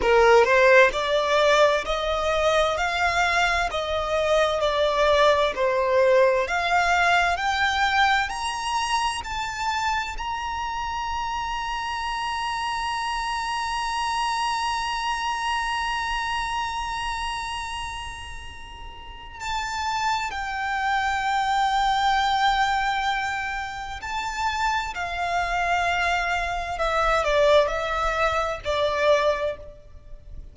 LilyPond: \new Staff \with { instrumentName = "violin" } { \time 4/4 \tempo 4 = 65 ais'8 c''8 d''4 dis''4 f''4 | dis''4 d''4 c''4 f''4 | g''4 ais''4 a''4 ais''4~ | ais''1~ |
ais''1~ | ais''4 a''4 g''2~ | g''2 a''4 f''4~ | f''4 e''8 d''8 e''4 d''4 | }